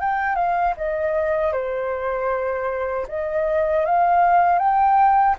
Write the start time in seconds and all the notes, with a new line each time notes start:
0.00 G5
0.35 F5
0.77 D#5
1.52 C5
3.08 D#5
3.85 F5
4.58 G5